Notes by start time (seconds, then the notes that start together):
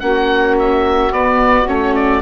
0.00 A#3 C#4 F#4 F#5
0.59 E5
1.11 B3 D5
1.68 A3 C#4 C#5
1.95 D5